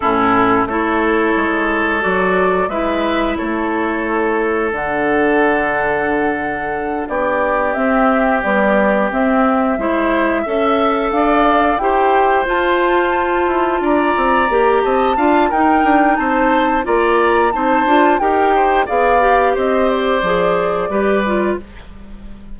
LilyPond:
<<
  \new Staff \with { instrumentName = "flute" } { \time 4/4 \tempo 4 = 89 a'4 cis''2 d''4 | e''4 cis''2 fis''4~ | fis''2~ fis''8 d''4 e''8~ | e''8 d''4 e''2~ e''8~ |
e''8 f''4 g''4 a''4.~ | a''8 ais''4. a''4 g''4 | a''4 ais''4 a''4 g''4 | f''4 dis''8 d''2~ d''8 | }
  \new Staff \with { instrumentName = "oboe" } { \time 4/4 e'4 a'2. | b'4 a'2.~ | a'2~ a'8 g'4.~ | g'2~ g'8 c''4 e''8~ |
e''8 d''4 c''2~ c''8~ | c''8 d''4. dis''8 f''8 ais'4 | c''4 d''4 c''4 ais'8 c''8 | d''4 c''2 b'4 | }
  \new Staff \with { instrumentName = "clarinet" } { \time 4/4 cis'4 e'2 fis'4 | e'2. d'4~ | d'2.~ d'8 c'8~ | c'8 g4 c'4 e'4 a'8~ |
a'4. g'4 f'4.~ | f'4. g'4 f'8 dis'4~ | dis'4 f'4 dis'8 f'8 g'4 | gis'8 g'4. gis'4 g'8 f'8 | }
  \new Staff \with { instrumentName = "bassoon" } { \time 4/4 a,4 a4 gis4 fis4 | gis4 a2 d4~ | d2~ d8 b4 c'8~ | c'8 b4 c'4 gis4 cis'8~ |
cis'8 d'4 e'4 f'4. | e'8 d'8 c'8 ais8 c'8 d'8 dis'8 d'8 | c'4 ais4 c'8 d'8 dis'4 | b4 c'4 f4 g4 | }
>>